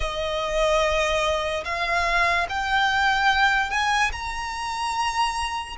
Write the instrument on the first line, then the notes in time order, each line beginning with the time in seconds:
violin
0.00 D#5
1.64 F5
2.49 G5
3.70 G#5
4.12 A#5